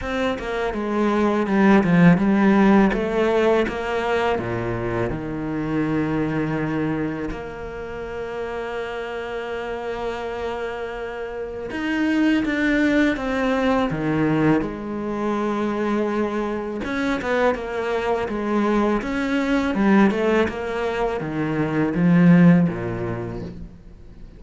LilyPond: \new Staff \with { instrumentName = "cello" } { \time 4/4 \tempo 4 = 82 c'8 ais8 gis4 g8 f8 g4 | a4 ais4 ais,4 dis4~ | dis2 ais2~ | ais1 |
dis'4 d'4 c'4 dis4 | gis2. cis'8 b8 | ais4 gis4 cis'4 g8 a8 | ais4 dis4 f4 ais,4 | }